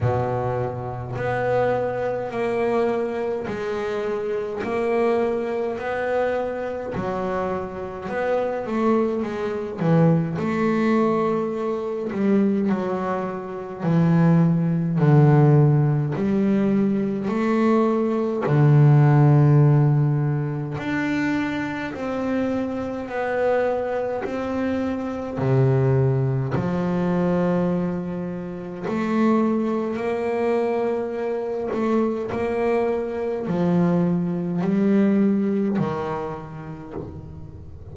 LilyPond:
\new Staff \with { instrumentName = "double bass" } { \time 4/4 \tempo 4 = 52 b,4 b4 ais4 gis4 | ais4 b4 fis4 b8 a8 | gis8 e8 a4. g8 fis4 | e4 d4 g4 a4 |
d2 d'4 c'4 | b4 c'4 c4 f4~ | f4 a4 ais4. a8 | ais4 f4 g4 dis4 | }